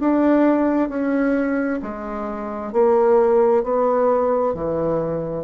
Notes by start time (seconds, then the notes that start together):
0.00 D4
0.89 C#4
1.82 G#3
2.72 A#3
3.63 B3
4.54 E3